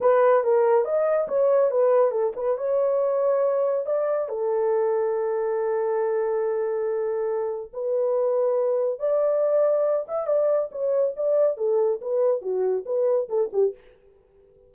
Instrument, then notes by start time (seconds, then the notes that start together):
horn
0.00 B4
0.43 A#4
0.85 D#5
1.28 C#5
1.70 B4
2.11 A4
2.36 B4
2.57 C#5
3.86 D5
4.28 A4
7.73 B4
8.99 D5
10.07 E5
10.26 D5
10.71 C#5
11.16 D5
11.57 A4
12.01 B4
12.41 F#4
12.85 B4
13.28 A4
13.53 G4